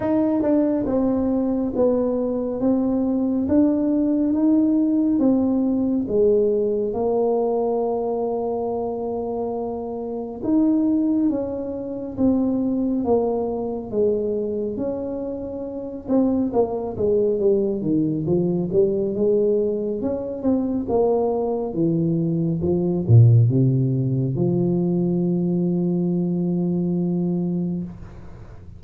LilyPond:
\new Staff \with { instrumentName = "tuba" } { \time 4/4 \tempo 4 = 69 dis'8 d'8 c'4 b4 c'4 | d'4 dis'4 c'4 gis4 | ais1 | dis'4 cis'4 c'4 ais4 |
gis4 cis'4. c'8 ais8 gis8 | g8 dis8 f8 g8 gis4 cis'8 c'8 | ais4 e4 f8 ais,8 c4 | f1 | }